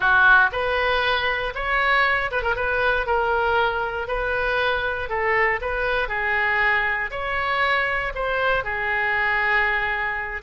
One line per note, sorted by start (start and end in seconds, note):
0.00 0.50 F#4
0.52 1.53 B4
1.54 2.30 C#5
2.31 2.42 B4
2.42 2.55 A#4
2.55 3.06 B4
3.06 4.07 A#4
4.07 5.09 B4
5.09 5.60 A4
5.61 6.08 B4
6.08 7.10 G#4
7.10 8.12 C#5
8.14 8.63 C5
8.63 10.41 G#4